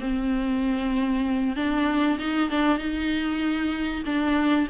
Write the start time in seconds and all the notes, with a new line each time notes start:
0.00 C4
1.56 D4
2.19 D#4
2.50 D4
2.78 D#4
4.06 D4